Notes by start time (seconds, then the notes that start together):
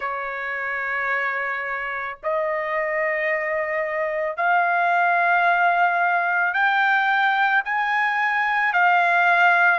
0.00 C#5
2.23 D#5
4.36 F5
6.53 G5
7.64 G#5
8.73 F5